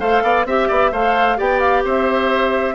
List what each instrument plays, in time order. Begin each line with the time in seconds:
0.00 bassoon A3, clarinet A4, oboe C5, flute F5
0.23 bassoon B3, oboe D5
0.46 bassoon C4, clarinet G4, oboe E5, flute E5
0.68 bassoon B3, oboe D5
0.92 bassoon A3, clarinet A4, oboe C5, flute F5
1.37 bassoon B3, clarinet G4, oboe D5, flute G5
1.60 flute F5
1.85 bassoon C4, oboe C5, flute E5